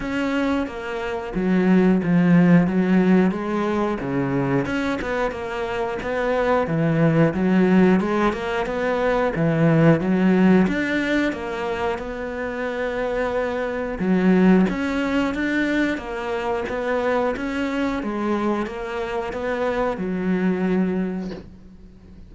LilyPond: \new Staff \with { instrumentName = "cello" } { \time 4/4 \tempo 4 = 90 cis'4 ais4 fis4 f4 | fis4 gis4 cis4 cis'8 b8 | ais4 b4 e4 fis4 | gis8 ais8 b4 e4 fis4 |
d'4 ais4 b2~ | b4 fis4 cis'4 d'4 | ais4 b4 cis'4 gis4 | ais4 b4 fis2 | }